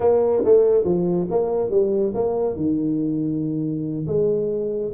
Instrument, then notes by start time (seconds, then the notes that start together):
tuba
0.00 A#3
0.44 A3
0.84 F3
1.30 A#3
1.70 G3
2.14 A#3
2.55 D#3
4.07 G#3